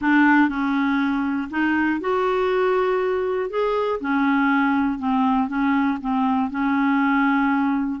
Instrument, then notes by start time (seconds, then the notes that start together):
clarinet
0.01 D4
0.49 C#4
1.50 D#4
2.00 F#4
3.50 G#4
4.00 C#4
4.98 C4
5.48 C#4
6.01 C4
6.50 C#4